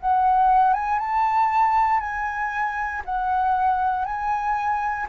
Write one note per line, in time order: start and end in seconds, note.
0.00 0.73 F#5
0.73 0.98 G#5
0.98 2.00 A5
2.00 3.02 G#5
3.05 4.04 F#5
4.04 5.06 G#5